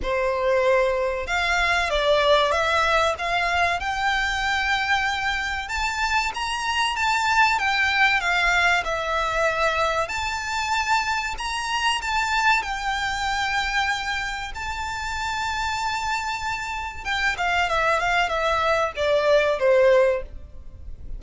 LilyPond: \new Staff \with { instrumentName = "violin" } { \time 4/4 \tempo 4 = 95 c''2 f''4 d''4 | e''4 f''4 g''2~ | g''4 a''4 ais''4 a''4 | g''4 f''4 e''2 |
a''2 ais''4 a''4 | g''2. a''4~ | a''2. g''8 f''8 | e''8 f''8 e''4 d''4 c''4 | }